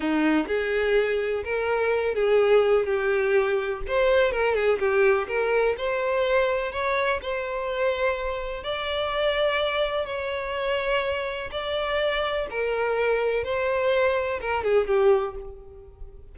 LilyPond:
\new Staff \with { instrumentName = "violin" } { \time 4/4 \tempo 4 = 125 dis'4 gis'2 ais'4~ | ais'8 gis'4. g'2 | c''4 ais'8 gis'8 g'4 ais'4 | c''2 cis''4 c''4~ |
c''2 d''2~ | d''4 cis''2. | d''2 ais'2 | c''2 ais'8 gis'8 g'4 | }